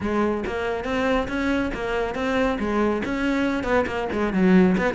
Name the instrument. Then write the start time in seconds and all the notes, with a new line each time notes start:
cello
0.00 G#3
0.46 A#3
0.84 C4
1.28 C#4
1.74 A#3
2.14 C4
2.59 G#3
3.04 C#4
3.63 B3
3.86 A#3
4.12 G#3
4.33 F#3
4.77 B3